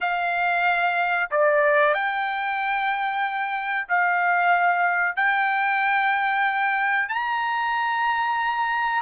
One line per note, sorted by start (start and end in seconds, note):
0.01 1.30 F5
1.30 1.94 D5
1.94 3.87 G5
3.88 5.16 F5
5.16 7.09 G5
7.09 9.01 A#5